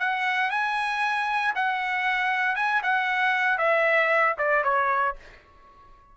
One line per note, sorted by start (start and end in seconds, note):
0.00 0.51 F#5
0.51 1.54 G#5
1.55 2.56 F#5
2.56 2.82 G#5
2.83 3.58 F#5
3.58 4.36 E5
4.38 4.64 D5
4.64 5.16 C#5